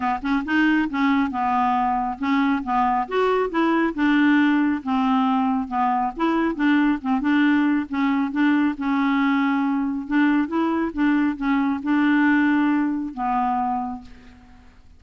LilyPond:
\new Staff \with { instrumentName = "clarinet" } { \time 4/4 \tempo 4 = 137 b8 cis'8 dis'4 cis'4 b4~ | b4 cis'4 b4 fis'4 | e'4 d'2 c'4~ | c'4 b4 e'4 d'4 |
c'8 d'4. cis'4 d'4 | cis'2. d'4 | e'4 d'4 cis'4 d'4~ | d'2 b2 | }